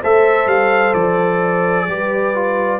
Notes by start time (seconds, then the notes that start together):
0.00 A3 A4 C5 E5
0.46 G3 F5
0.93 F3 D5
1.87 G3 G4 B4
2.35 F4